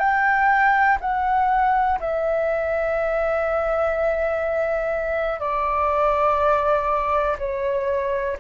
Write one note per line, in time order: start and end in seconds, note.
0.00 0.98 G5
1.01 1.99 F#5
2.00 5.41 E5
5.41 7.37 D5
7.39 8.37 C#5